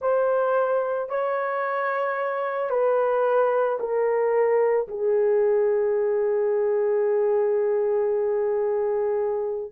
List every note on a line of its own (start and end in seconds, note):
0.01 1.09 C5
1.09 2.70 C#5
2.70 3.78 B4
3.79 4.87 A#4
4.87 9.71 G#4